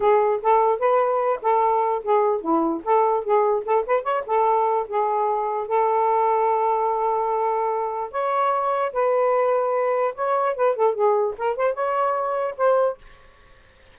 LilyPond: \new Staff \with { instrumentName = "saxophone" } { \time 4/4 \tempo 4 = 148 gis'4 a'4 b'4. a'8~ | a'4 gis'4 e'4 a'4 | gis'4 a'8 b'8 cis''8 a'4. | gis'2 a'2~ |
a'1 | cis''2 b'2~ | b'4 cis''4 b'8 a'8 gis'4 | ais'8 c''8 cis''2 c''4 | }